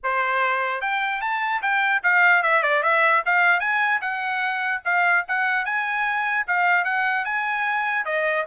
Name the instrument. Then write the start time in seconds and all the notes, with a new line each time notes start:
trumpet
0.03 C5
0.81 G5
1.21 A5
1.62 G5
2.03 F5
2.42 E5
2.63 D5
2.82 E5
3.25 F5
3.60 G#5
4.01 F#5
4.84 F5
5.28 F#5
5.65 G#5
6.47 F5
6.84 F#5
7.24 G#5
8.05 D#5